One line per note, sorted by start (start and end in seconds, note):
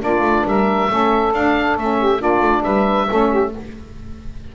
0.00 0.21 A#3
0.00 0.88 D4
0.00 0.46 F4
0.00 0.47 D5
0.21 0.43 A3
0.45 0.89 G3
0.45 0.91 A#4
0.45 1.34 E5
0.89 1.33 A3
0.89 1.33 C#4
0.89 1.98 A4
1.33 1.77 D4
1.33 1.79 D4
1.33 1.78 F5
1.77 2.21 A3
1.77 2.20 C#4
1.77 2.22 E5
1.98 2.18 G4
2.18 2.40 A#3
2.18 3.07 D4
2.18 2.62 F4
2.18 2.63 D5
2.40 2.62 A3
2.63 3.09 G3
2.63 3.07 B4
2.63 3.51 E5
3.09 3.55 A3
3.09 3.53 C#4
3.09 3.30 A4
3.30 3.52 G4